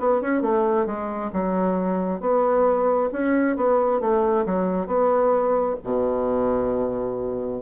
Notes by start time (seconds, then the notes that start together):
0.00 B3
0.22 C#4
0.42 A3
0.86 G#3
1.33 F#3
2.21 B3
3.13 C#4
3.57 B3
4.01 A3
4.46 F#3
4.87 B3
5.84 B2